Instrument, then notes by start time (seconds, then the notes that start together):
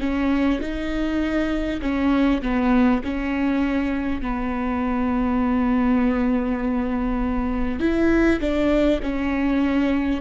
viola
0.00 C#4
0.61 D#4
1.82 C#4
2.42 B3
3.04 C#4
4.22 B3
7.80 E4
8.41 D4
9.03 C#4